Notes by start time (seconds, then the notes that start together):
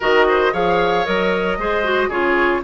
0.00 D#3 F#4 A#4 D#5
0.28 C5
0.53 F3 G#4 C#5 F5
1.05 F#3 A#4 D#5
1.58 G#3 G#4 C5
1.83 F#4
2.08 C#3 F4 G#4 C#5